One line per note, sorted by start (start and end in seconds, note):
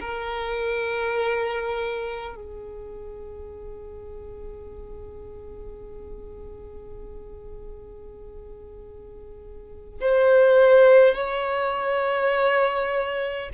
0.00 2.35 A#4
2.35 10.00 G#4
10.01 11.14 C5
11.14 13.50 C#5